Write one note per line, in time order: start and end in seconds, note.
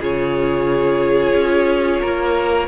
0.00 1.34 C#3
0.00 2.68 F4
0.00 2.01 G#4
0.00 2.68 C#5
1.34 2.01 C#4
2.01 2.68 A#3
2.01 2.68 A#4